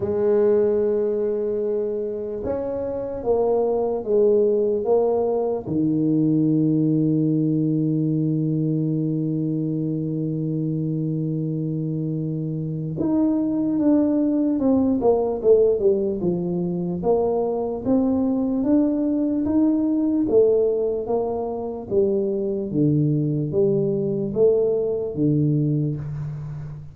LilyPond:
\new Staff \with { instrumentName = "tuba" } { \time 4/4 \tempo 4 = 74 gis2. cis'4 | ais4 gis4 ais4 dis4~ | dis1~ | dis1 |
dis'4 d'4 c'8 ais8 a8 g8 | f4 ais4 c'4 d'4 | dis'4 a4 ais4 g4 | d4 g4 a4 d4 | }